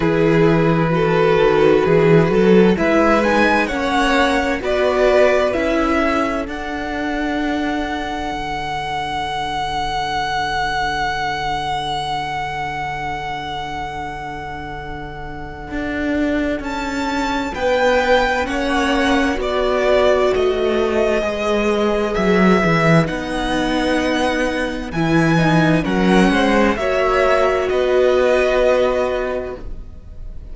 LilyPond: <<
  \new Staff \with { instrumentName = "violin" } { \time 4/4 \tempo 4 = 65 b'2. e''8 gis''8 | fis''4 d''4 e''4 fis''4~ | fis''1~ | fis''1~ |
fis''2 a''4 g''4 | fis''4 d''4 dis''2 | e''4 fis''2 gis''4 | fis''4 e''4 dis''2 | }
  \new Staff \with { instrumentName = "violin" } { \time 4/4 gis'4 a'4 gis'8 a'8 b'4 | cis''4 b'4. a'4.~ | a'1~ | a'1~ |
a'2. b'4 | cis''4 b'2.~ | b'1 | ais'8 c''8 cis''4 b'2 | }
  \new Staff \with { instrumentName = "viola" } { \time 4/4 e'4 fis'2 e'8 dis'8 | cis'4 fis'4 e'4 d'4~ | d'1~ | d'1~ |
d'1 | cis'4 fis'2 gis'4~ | gis'4 dis'2 e'8 dis'8 | cis'4 fis'2. | }
  \new Staff \with { instrumentName = "cello" } { \time 4/4 e4. dis8 e8 fis8 gis4 | ais4 b4 cis'4 d'4~ | d'4 d2.~ | d1~ |
d4 d'4 cis'4 b4 | ais4 b4 a4 gis4 | fis8 e8 b2 e4 | fis8 gis8 ais4 b2 | }
>>